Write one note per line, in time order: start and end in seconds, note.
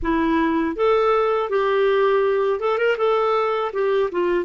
0.02 0.76 E4
0.76 1.49 A4
1.49 2.59 G4
2.59 2.77 A4
2.77 2.96 A#4
2.97 3.71 A4
3.72 4.09 G4
4.11 4.44 F4